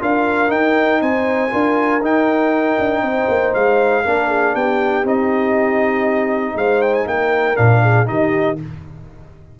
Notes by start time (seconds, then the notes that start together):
0.00 D4 F4 A#4 F5
0.49 D#4 G5
1.01 C4 C5 G#5
1.50 D4 F4 A#4
2.01 D#4 G5
2.79 D4
3.02 C4 C5
3.29 A#3
3.55 G#3 F5
4.04 A#3 D4 A#4
4.29 G#4
4.54 B3 G4 G5
5.04 C4 D#4 D#5
6.56 G#3 C5 F5
6.82 G5
6.94 G#5
7.06 A#3 A#4 G5
7.56 A#2 D4 F5
7.83 G#4
8.05 D#3 D#4 G4 D#5